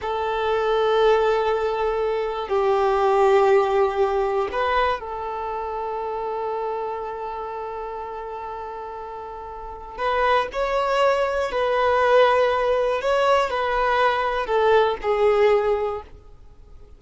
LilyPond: \new Staff \with { instrumentName = "violin" } { \time 4/4 \tempo 4 = 120 a'1~ | a'4 g'2.~ | g'4 b'4 a'2~ | a'1~ |
a'1 | b'4 cis''2 b'4~ | b'2 cis''4 b'4~ | b'4 a'4 gis'2 | }